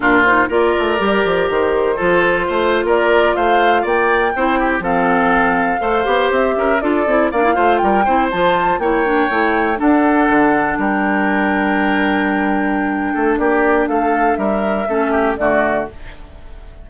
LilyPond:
<<
  \new Staff \with { instrumentName = "flute" } { \time 4/4 \tempo 4 = 121 ais'8 c''8 d''2 c''4~ | c''4.~ c''16 d''4 f''4 g''16~ | g''4.~ g''16 f''2~ f''16~ | f''8. e''4 d''4 f''4 g''16~ |
g''8. a''4 g''2 fis''16~ | fis''4.~ fis''16 g''2~ g''16~ | g''2. d''4 | f''4 e''2 d''4 | }
  \new Staff \with { instrumentName = "oboe" } { \time 4/4 f'4 ais'2. | a'4 c''8. ais'4 c''4 d''16~ | d''8. c''8 g'8 a'2 c''16~ | c''4~ c''16 ais'8 a'4 d''8 c''8 ais'16~ |
ais'16 c''4. cis''2 a'16~ | a'4.~ a'16 ais'2~ ais'16~ | ais'2~ ais'8 a'8 g'4 | a'4 ais'4 a'8 g'8 fis'4 | }
  \new Staff \with { instrumentName = "clarinet" } { \time 4/4 d'8 dis'8 f'4 g'2 | f'1~ | f'8. e'4 c'2 a'16~ | a'16 g'4. f'8 e'8 d'16 e'16 f'8.~ |
f'16 e'8 f'4 e'8 d'8 e'4 d'16~ | d'1~ | d'1~ | d'2 cis'4 a4 | }
  \new Staff \with { instrumentName = "bassoon" } { \time 4/4 ais,4 ais8 a8 g8 f8 dis4 | f4 a8. ais4 a4 ais16~ | ais8. c'4 f2 a16~ | a16 b8 c'8 cis'8 d'8 c'8 ais8 a8 g16~ |
g16 c'8 f4 ais4 a4 d'16~ | d'8. d4 g2~ g16~ | g2~ g8 a8 ais4 | a4 g4 a4 d4 | }
>>